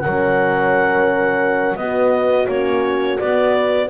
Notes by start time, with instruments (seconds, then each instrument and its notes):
0.00 horn C#4 A#4, clarinet F#5
0.06 double bass F#3
1.76 double bass B3, horn B3 F#4, clarinet D#5
2.48 double bass A#3, horn C#4, clarinet C#5
3.19 double bass B3, horn B3, clarinet D5